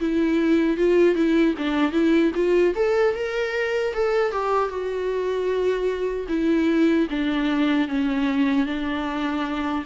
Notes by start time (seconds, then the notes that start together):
0.00 E4
0.78 F4
1.15 E4
1.58 D4
1.92 E4
2.35 F4
2.76 A4
3.15 A#4
3.94 A4
4.32 G4
4.69 F#4
6.29 E4
7.11 D4
7.88 C#4
8.66 D4